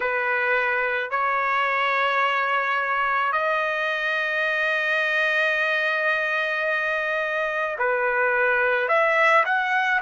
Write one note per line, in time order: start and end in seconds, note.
0.00 1.10 B4
1.10 3.32 C#5
3.32 7.77 D#5
7.78 8.88 B4
8.88 9.44 E5
9.44 10.00 F#5